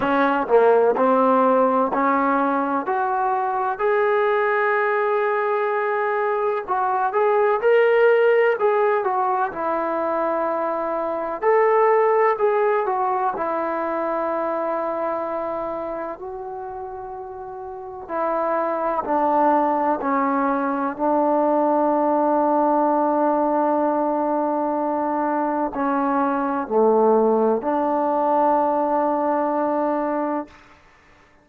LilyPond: \new Staff \with { instrumentName = "trombone" } { \time 4/4 \tempo 4 = 63 cis'8 ais8 c'4 cis'4 fis'4 | gis'2. fis'8 gis'8 | ais'4 gis'8 fis'8 e'2 | a'4 gis'8 fis'8 e'2~ |
e'4 fis'2 e'4 | d'4 cis'4 d'2~ | d'2. cis'4 | a4 d'2. | }